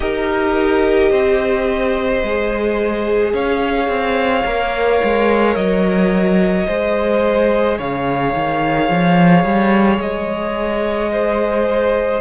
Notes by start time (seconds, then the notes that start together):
0.00 D#4 G4 A#4 D#5
1.10 C4 C5
2.22 G#3 G#4
3.33 C#4 C#5 F5
3.88 C4
4.44 A#3 A#4
5.03 G#3
5.55 F#3 D#5
6.66 G#3 G#4 C5
7.78 C#3 C#5 F5
8.34 D#3
8.89 F3
9.44 G3
9.98 G#3 D#5
11.12 C5